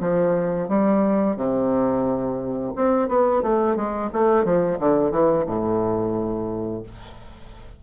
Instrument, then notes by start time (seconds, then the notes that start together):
bassoon
0.00 F3
0.68 G3
1.36 C3
2.76 C4
3.08 B3
3.42 A3
3.76 G#3
4.12 A3
4.44 F3
4.79 D3
5.11 E3
5.46 A2